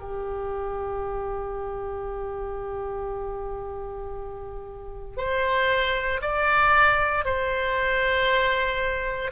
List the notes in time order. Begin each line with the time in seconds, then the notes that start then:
0.00 G4
5.17 C5
6.22 D5
7.25 C5